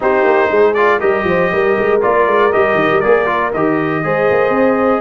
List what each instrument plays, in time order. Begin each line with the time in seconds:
0.00 tuba C4, trombone D#4, horn G4, trumpet C5
0.24 tuba A#3
0.49 tuba G#3, horn G#4
0.74 trombone F4, trumpet D5
0.99 tuba G3, trombone G4, horn A#4, trumpet D#5
1.24 tuba F3, horn C5
1.51 tuba G3, horn A#4
1.78 tuba G#3
2.01 tuba A#3, trombone F4, trumpet D5
2.26 tuba G#3
2.52 tuba G3, trombone G4, trumpet D#5
2.74 tuba D#3
2.90 tuba G3
3.00 tuba A#3, trombone G#4, trumpet D5
3.26 trombone F4
3.53 tuba D#3, trombone G4, trumpet D#5
4.03 tuba G#3, trombone G#4, horn C5
4.30 tuba A#3
4.49 tuba C4